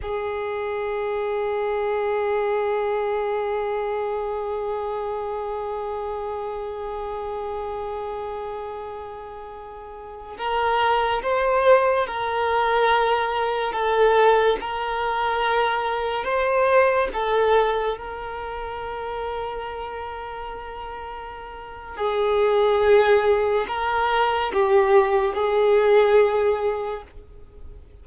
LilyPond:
\new Staff \with { instrumentName = "violin" } { \time 4/4 \tempo 4 = 71 gis'1~ | gis'1~ | gis'1~ | gis'16 ais'4 c''4 ais'4.~ ais'16~ |
ais'16 a'4 ais'2 c''8.~ | c''16 a'4 ais'2~ ais'8.~ | ais'2 gis'2 | ais'4 g'4 gis'2 | }